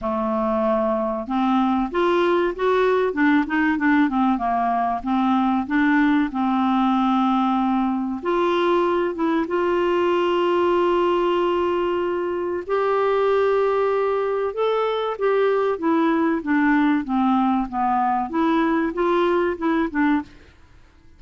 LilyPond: \new Staff \with { instrumentName = "clarinet" } { \time 4/4 \tempo 4 = 95 a2 c'4 f'4 | fis'4 d'8 dis'8 d'8 c'8 ais4 | c'4 d'4 c'2~ | c'4 f'4. e'8 f'4~ |
f'1 | g'2. a'4 | g'4 e'4 d'4 c'4 | b4 e'4 f'4 e'8 d'8 | }